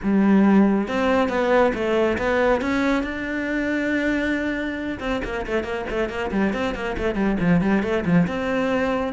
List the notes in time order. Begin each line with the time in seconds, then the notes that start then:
0.03 G3
0.88 C4
1.28 B3
1.74 A3
2.18 B3
2.61 C#4
3.03 D4
4.99 C4
5.24 A#3
5.46 A3
5.63 A#3
5.90 A3
6.09 A#3
6.31 G3
6.53 C4
6.74 A#3
6.97 A3
7.15 G3
7.40 F3
7.61 G3
7.82 A3
8.05 F3
8.27 C4